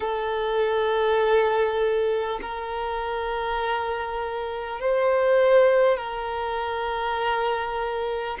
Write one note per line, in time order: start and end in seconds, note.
0.00 2.39 A4
2.41 4.80 A#4
4.80 5.97 C5
5.97 8.37 A#4